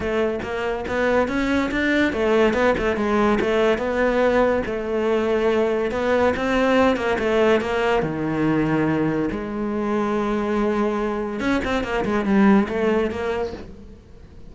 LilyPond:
\new Staff \with { instrumentName = "cello" } { \time 4/4 \tempo 4 = 142 a4 ais4 b4 cis'4 | d'4 a4 b8 a8 gis4 | a4 b2 a4~ | a2 b4 c'4~ |
c'8 ais8 a4 ais4 dis4~ | dis2 gis2~ | gis2. cis'8 c'8 | ais8 gis8 g4 a4 ais4 | }